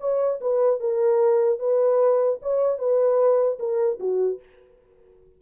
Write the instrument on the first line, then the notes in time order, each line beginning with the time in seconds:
horn
0.00 C#5
0.41 B4
0.80 A#4
1.59 B4
2.42 C#5
2.78 B4
3.59 A#4
4.00 F#4